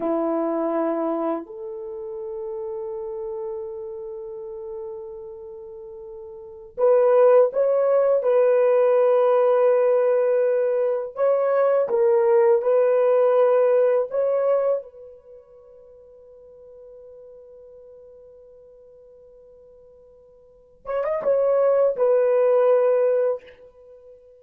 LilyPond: \new Staff \with { instrumentName = "horn" } { \time 4/4 \tempo 4 = 82 e'2 a'2~ | a'1~ | a'4~ a'16 b'4 cis''4 b'8.~ | b'2.~ b'16 cis''8.~ |
cis''16 ais'4 b'2 cis''8.~ | cis''16 b'2.~ b'8.~ | b'1~ | b'8 cis''16 dis''16 cis''4 b'2 | }